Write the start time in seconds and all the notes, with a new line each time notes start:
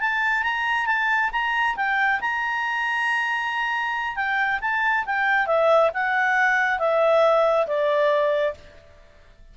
0.00 A5
0.42 A#5
0.86 A5
1.32 A#5
1.76 G5
2.20 A#5
4.15 G5
4.61 A5
5.05 G5
5.46 E5
5.94 F#5
6.79 E5
7.66 D5